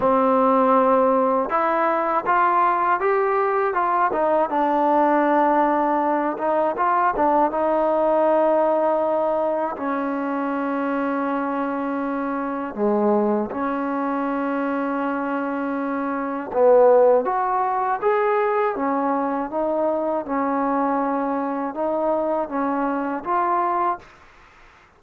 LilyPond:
\new Staff \with { instrumentName = "trombone" } { \time 4/4 \tempo 4 = 80 c'2 e'4 f'4 | g'4 f'8 dis'8 d'2~ | d'8 dis'8 f'8 d'8 dis'2~ | dis'4 cis'2.~ |
cis'4 gis4 cis'2~ | cis'2 b4 fis'4 | gis'4 cis'4 dis'4 cis'4~ | cis'4 dis'4 cis'4 f'4 | }